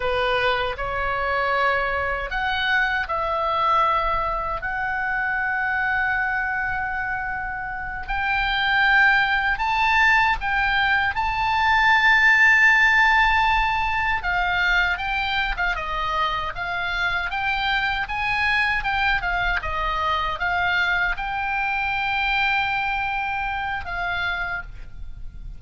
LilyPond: \new Staff \with { instrumentName = "oboe" } { \time 4/4 \tempo 4 = 78 b'4 cis''2 fis''4 | e''2 fis''2~ | fis''2~ fis''8 g''4.~ | g''8 a''4 g''4 a''4.~ |
a''2~ a''8 f''4 g''8~ | g''16 f''16 dis''4 f''4 g''4 gis''8~ | gis''8 g''8 f''8 dis''4 f''4 g''8~ | g''2. f''4 | }